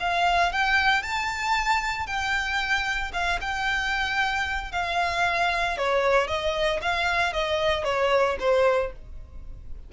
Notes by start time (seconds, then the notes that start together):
0.00 F5
0.52 G5
1.03 A5
2.07 G5
3.13 F5
3.41 G5
4.72 F5
5.78 C#5
6.28 D#5
6.82 F5
7.33 D#5
7.84 C#5
8.39 C5